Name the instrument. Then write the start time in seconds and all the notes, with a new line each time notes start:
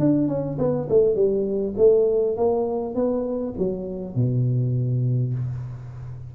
tuba
0.00 D4
0.28 C#4
0.58 B3
0.89 A3
1.15 G3
1.77 A3
2.37 A#3
2.95 B3
3.58 F#3
4.15 B2